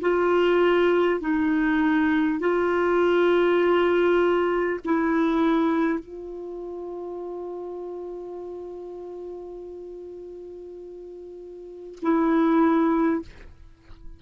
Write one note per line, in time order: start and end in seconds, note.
0.00 1.20 F4
1.20 2.39 D#4
2.39 4.79 F4
4.84 5.99 E4
5.99 11.99 F4
12.02 13.22 E4